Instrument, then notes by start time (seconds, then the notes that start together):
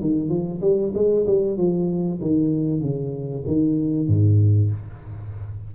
tuba
0.00 D#3
0.29 F3
0.61 G3
0.94 G#3
1.26 G3
1.57 F3
2.21 D#3
2.80 C#3
3.46 D#3
4.07 G#2